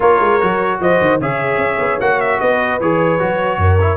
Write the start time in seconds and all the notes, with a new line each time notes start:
0.00 A#3 F4 A#4 C#5
0.19 G#3
0.40 F#3 F#4
0.80 F3 C5 D#5
1.00 D#3
1.20 C#3 G#4 C#5 E5
1.57 C#4
1.79 B3
1.99 A#3 F#4 F#5
2.20 E5
2.40 B3 B4 D#5
2.80 E3 G#4 C#5
3.19 F#3 F#4
3.57 F#2 A#4
3.80 E4